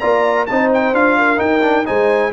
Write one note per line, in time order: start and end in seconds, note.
0.00 0.50 A#3
0.00 0.47 F4
0.00 0.47 D5
0.00 0.46 A#5
0.47 0.93 C4
0.47 0.95 D#4
0.47 1.19 C5
0.47 0.70 A5
0.74 0.95 G5
0.93 1.39 D4
0.93 1.37 F4
0.93 1.40 F5
1.19 1.87 A#4
1.37 1.60 D#4
1.37 1.87 D#4
1.37 1.86 G5
1.62 1.85 D4
1.86 2.33 G#3
1.86 2.32 D#4
1.86 2.33 C5
1.86 2.33 G#5